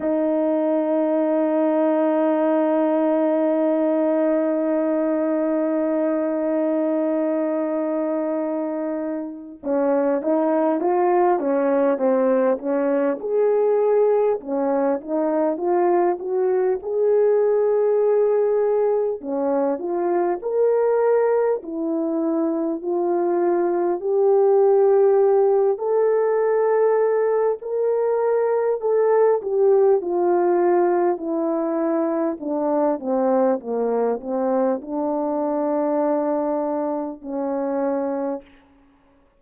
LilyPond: \new Staff \with { instrumentName = "horn" } { \time 4/4 \tempo 4 = 50 dis'1~ | dis'1 | cis'8 dis'8 f'8 cis'8 c'8 cis'8 gis'4 | cis'8 dis'8 f'8 fis'8 gis'2 |
cis'8 f'8 ais'4 e'4 f'4 | g'4. a'4. ais'4 | a'8 g'8 f'4 e'4 d'8 c'8 | ais8 c'8 d'2 cis'4 | }